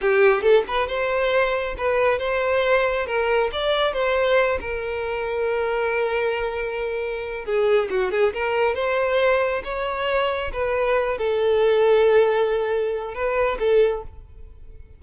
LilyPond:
\new Staff \with { instrumentName = "violin" } { \time 4/4 \tempo 4 = 137 g'4 a'8 b'8 c''2 | b'4 c''2 ais'4 | d''4 c''4. ais'4.~ | ais'1~ |
ais'4 gis'4 fis'8 gis'8 ais'4 | c''2 cis''2 | b'4. a'2~ a'8~ | a'2 b'4 a'4 | }